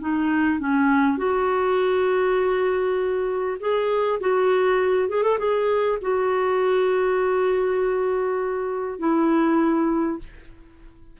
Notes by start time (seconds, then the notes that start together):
0.00 D#4
0.59 C#4
1.17 F#4
3.60 G#4
4.20 F#4
5.09 G#4
5.23 A4
5.38 G#4
6.01 F#4
8.99 E4